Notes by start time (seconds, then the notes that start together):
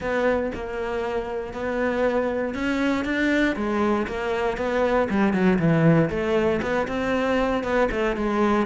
0.00 B3
0.54 A#3
1.53 B3
2.54 C#4
3.04 D4
3.55 G#3
4.07 A#3
4.57 B3
5.10 G3
5.33 F#3
5.58 E3
6.09 A3
6.61 B3
6.87 C4
7.63 B3
7.91 A3
8.16 G#3